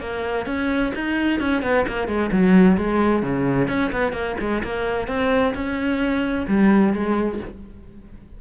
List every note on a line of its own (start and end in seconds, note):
0.00 0.46 A#3
0.46 0.92 C#4
0.94 1.40 D#4
1.40 1.62 C#4
1.62 1.85 B3
1.88 2.07 A#3
2.07 2.30 G#3
2.32 2.77 F#3
2.77 3.22 G#3
3.22 3.68 C#3
3.68 3.91 C#4
3.92 4.12 B3
4.12 4.36 A#3
4.40 4.63 G#3
4.63 5.07 A#3
5.07 5.54 C4
5.54 6.46 C#4
6.47 6.93 G3
6.93 7.39 G#3